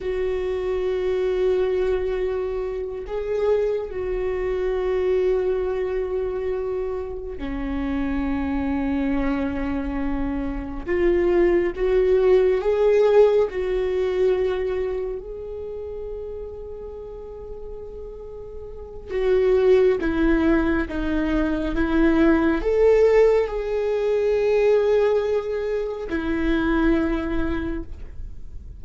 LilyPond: \new Staff \with { instrumentName = "viola" } { \time 4/4 \tempo 4 = 69 fis'2.~ fis'8 gis'8~ | gis'8 fis'2.~ fis'8~ | fis'8 cis'2.~ cis'8~ | cis'8 f'4 fis'4 gis'4 fis'8~ |
fis'4. gis'2~ gis'8~ | gis'2 fis'4 e'4 | dis'4 e'4 a'4 gis'4~ | gis'2 e'2 | }